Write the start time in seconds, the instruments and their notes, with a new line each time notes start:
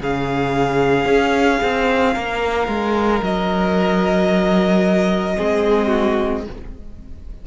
0.00 cello C#3, viola C#4, violin G#4 F5
1.05 cello C#4
1.63 cello C4
2.14 cello A#3, violin A#4
2.67 cello G#3
3.23 cello F#3, violin D#5
5.37 cello G#3, viola C4, violin G#4
5.87 violin F#4